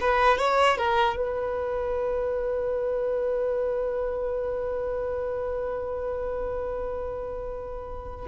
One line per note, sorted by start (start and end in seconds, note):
0.00 0.38 B4
0.38 0.77 C#5
0.77 1.16 A#4
1.16 8.27 B4